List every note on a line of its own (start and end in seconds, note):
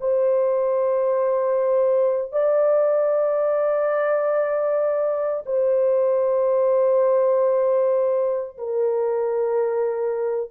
0.00 2.32 C5
2.32 5.44 D5
5.45 8.57 C5
8.57 10.51 A#4